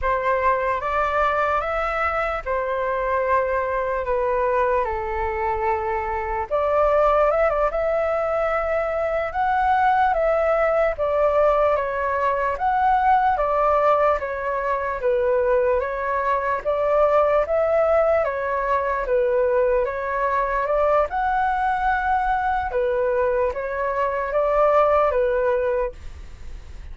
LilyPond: \new Staff \with { instrumentName = "flute" } { \time 4/4 \tempo 4 = 74 c''4 d''4 e''4 c''4~ | c''4 b'4 a'2 | d''4 e''16 d''16 e''2 fis''8~ | fis''8 e''4 d''4 cis''4 fis''8~ |
fis''8 d''4 cis''4 b'4 cis''8~ | cis''8 d''4 e''4 cis''4 b'8~ | b'8 cis''4 d''8 fis''2 | b'4 cis''4 d''4 b'4 | }